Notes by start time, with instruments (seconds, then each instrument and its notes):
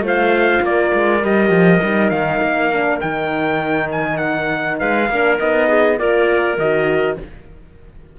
0.00 cello A3, horn F4, clarinet C5
0.07 trumpet F5
0.62 cello A#3, clarinet A#4, trumpet D5
0.94 cello G#3
1.21 cello G3, horn G4, trumpet D#5
1.50 cello F3
1.83 cello G3, horn D#4
2.10 cello D#3, trumpet F5
2.41 cello A#3
2.73 horn D4
3.00 cello D#3, horn D#4, trumpet G5
3.91 trumpet G#5
4.17 trumpet F#5
4.79 cello G#3, clarinet B4, trumpet F5
5.09 cello A#3, horn D4, clarinet A#4
5.38 cello B3, horn D#4, trumpet D#5
5.68 clarinet G#4
5.98 cello A#3, horn F4, clarinet A#4, trumpet D5
6.58 cello D#3, horn F#4, trumpet D#5